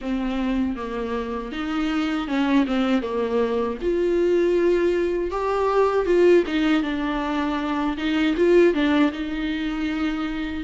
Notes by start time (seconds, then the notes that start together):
0.01 C4
0.76 A#3
1.52 D#4
2.27 C#4
2.66 C4
3.02 A#3
3.81 F4
5.31 G4
6.06 F4
6.46 D#4
6.83 D4
7.97 D#4
8.36 F4
8.73 D4
9.11 D#4